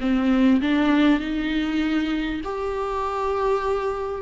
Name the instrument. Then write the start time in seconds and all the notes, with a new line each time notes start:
viola
0.00 C4
0.61 D4
1.20 D#4
2.44 G4